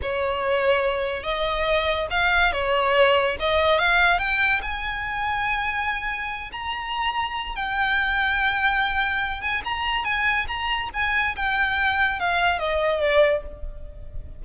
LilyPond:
\new Staff \with { instrumentName = "violin" } { \time 4/4 \tempo 4 = 143 cis''2. dis''4~ | dis''4 f''4 cis''2 | dis''4 f''4 g''4 gis''4~ | gis''2.~ gis''8 ais''8~ |
ais''2 g''2~ | g''2~ g''8 gis''8 ais''4 | gis''4 ais''4 gis''4 g''4~ | g''4 f''4 dis''4 d''4 | }